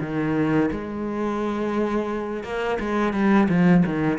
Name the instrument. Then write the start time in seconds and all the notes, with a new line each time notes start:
cello
0.00 D#3
0.71 G#3
2.44 A#3
2.80 G#3
3.13 G3
3.49 F3
3.85 D#3